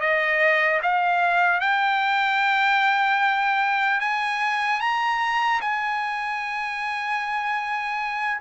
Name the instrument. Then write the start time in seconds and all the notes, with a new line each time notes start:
trumpet
0.00 D#5
0.82 F5
1.60 G5
4.00 G#5
4.80 A#5
5.60 G#5